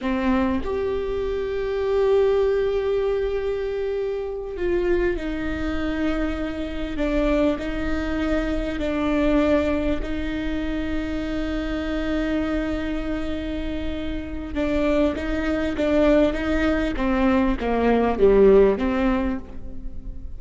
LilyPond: \new Staff \with { instrumentName = "viola" } { \time 4/4 \tempo 4 = 99 c'4 g'2.~ | g'2.~ g'8 f'8~ | f'8 dis'2. d'8~ | d'8 dis'2 d'4.~ |
d'8 dis'2.~ dis'8~ | dis'1 | d'4 dis'4 d'4 dis'4 | c'4 ais4 g4 c'4 | }